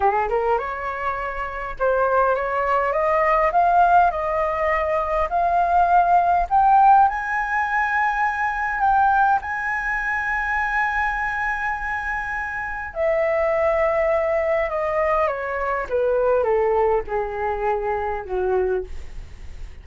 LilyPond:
\new Staff \with { instrumentName = "flute" } { \time 4/4 \tempo 4 = 102 gis'8 ais'8 cis''2 c''4 | cis''4 dis''4 f''4 dis''4~ | dis''4 f''2 g''4 | gis''2. g''4 |
gis''1~ | gis''2 e''2~ | e''4 dis''4 cis''4 b'4 | a'4 gis'2 fis'4 | }